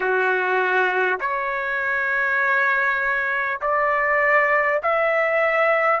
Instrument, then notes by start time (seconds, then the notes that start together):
trumpet
0.00 F#4
1.20 C#5
3.61 D5
4.83 E5